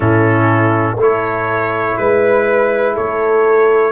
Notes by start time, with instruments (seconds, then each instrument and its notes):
0.00 tuba A2, trombone C#4, horn E4, trumpet A4
0.96 tuba A3, trombone E4, horn A4, trumpet C#5
1.97 tuba G#3, trumpet B4, horn B4
2.94 tuba A3, horn A4, trumpet C#5